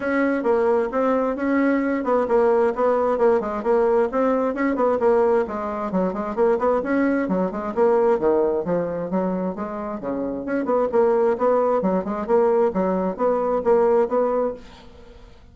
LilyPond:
\new Staff \with { instrumentName = "bassoon" } { \time 4/4 \tempo 4 = 132 cis'4 ais4 c'4 cis'4~ | cis'8 b8 ais4 b4 ais8 gis8 | ais4 c'4 cis'8 b8 ais4 | gis4 fis8 gis8 ais8 b8 cis'4 |
fis8 gis8 ais4 dis4 f4 | fis4 gis4 cis4 cis'8 b8 | ais4 b4 fis8 gis8 ais4 | fis4 b4 ais4 b4 | }